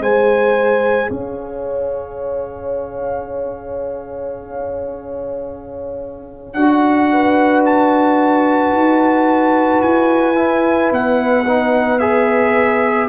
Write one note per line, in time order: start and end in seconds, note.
0.00 1.09 G#3
0.00 6.56 G#4
0.00 1.10 C5
0.00 1.11 G#5
1.10 6.55 C#4
1.10 7.10 C#5
1.10 6.54 F5
6.54 8.73 D4
6.54 10.35 F#4
6.54 7.63 F#5
7.13 13.09 B4
7.66 9.82 A5
8.73 9.82 D#4
9.82 10.91 E4
9.82 10.91 G#5
10.35 11.44 E4
10.92 13.09 B3
10.92 11.99 F#5
11.48 12.01 D#4
11.99 13.09 G#4
11.99 13.08 E5